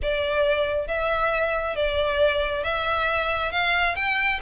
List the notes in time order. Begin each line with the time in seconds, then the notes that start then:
0.02 D5
0.87 E5
1.75 D5
2.63 E5
3.51 F5
3.95 G5